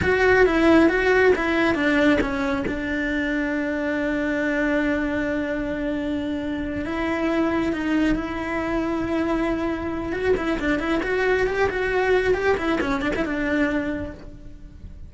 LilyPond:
\new Staff \with { instrumentName = "cello" } { \time 4/4 \tempo 4 = 136 fis'4 e'4 fis'4 e'4 | d'4 cis'4 d'2~ | d'1~ | d'2.~ d'8 e'8~ |
e'4. dis'4 e'4.~ | e'2. fis'8 e'8 | d'8 e'8 fis'4 g'8 fis'4. | g'8 e'8 cis'8 d'16 e'16 d'2 | }